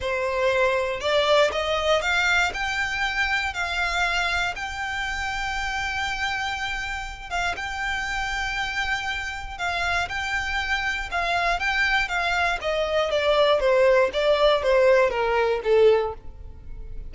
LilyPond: \new Staff \with { instrumentName = "violin" } { \time 4/4 \tempo 4 = 119 c''2 d''4 dis''4 | f''4 g''2 f''4~ | f''4 g''2.~ | g''2~ g''8 f''8 g''4~ |
g''2. f''4 | g''2 f''4 g''4 | f''4 dis''4 d''4 c''4 | d''4 c''4 ais'4 a'4 | }